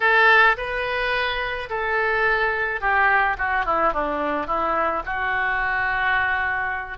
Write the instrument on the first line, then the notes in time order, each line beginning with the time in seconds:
oboe
0.00 A4
0.57 B4
1.69 A4
2.80 G4
3.38 F#4
3.65 E4
3.93 D4
4.46 E4
5.05 F#4